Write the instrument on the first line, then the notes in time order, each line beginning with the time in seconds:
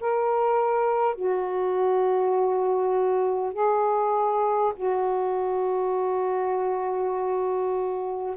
saxophone
0.00 A#4
1.15 F#4
3.53 G#4
4.76 F#4